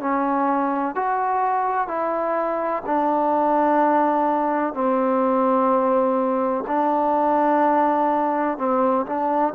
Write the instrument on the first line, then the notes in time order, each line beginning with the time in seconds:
trombone
0.00 C#4
0.96 F#4
1.88 E4
2.86 D4
4.74 C4
6.68 D4
8.58 C4
9.06 D4